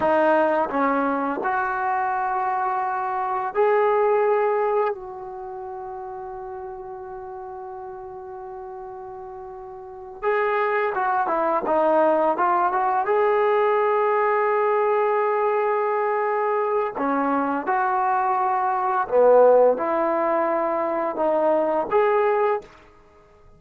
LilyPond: \new Staff \with { instrumentName = "trombone" } { \time 4/4 \tempo 4 = 85 dis'4 cis'4 fis'2~ | fis'4 gis'2 fis'4~ | fis'1~ | fis'2~ fis'8 gis'4 fis'8 |
e'8 dis'4 f'8 fis'8 gis'4.~ | gis'1 | cis'4 fis'2 b4 | e'2 dis'4 gis'4 | }